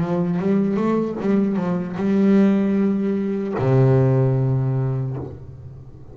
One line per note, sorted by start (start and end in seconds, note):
0.00 0.39 F3
0.39 0.76 G3
0.76 1.16 A3
1.20 1.56 G3
1.56 1.96 F3
1.96 3.54 G3
3.58 5.16 C3